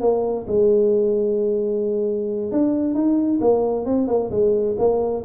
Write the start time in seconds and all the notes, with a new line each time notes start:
0.00 A#3
0.47 G#3
2.51 D4
2.94 D#4
3.40 A#3
3.85 C4
4.07 A#3
4.31 G#3
4.78 A#3